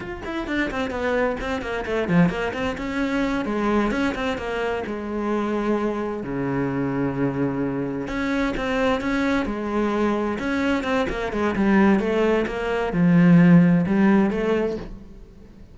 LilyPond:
\new Staff \with { instrumentName = "cello" } { \time 4/4 \tempo 4 = 130 f'8 e'8 d'8 c'8 b4 c'8 ais8 | a8 f8 ais8 c'8 cis'4. gis8~ | gis8 cis'8 c'8 ais4 gis4.~ | gis4. cis2~ cis8~ |
cis4. cis'4 c'4 cis'8~ | cis'8 gis2 cis'4 c'8 | ais8 gis8 g4 a4 ais4 | f2 g4 a4 | }